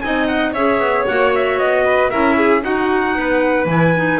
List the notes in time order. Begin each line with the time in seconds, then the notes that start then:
0.00 C4 D#4 D#5 G#5
0.27 F#5
0.52 C#4 G#4 C#5 E5
0.79 B3
1.07 A#3 F#4 F#5
1.34 E5
1.58 B3 D#5
1.85 B4
2.10 C#4 E4 A#4 E5
2.37 G#4
2.61 D#4 F#4 F#5
3.15 B3 B4
3.65 E3 E4 G#5
3.95 D#4